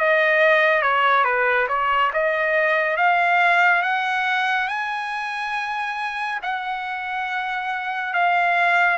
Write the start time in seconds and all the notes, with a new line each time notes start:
0.00 D#5
0.82 C#5
1.25 B4
1.69 C#5
2.14 D#5
2.97 F5
3.83 F#5
4.68 G#5
6.43 F#5
8.14 F5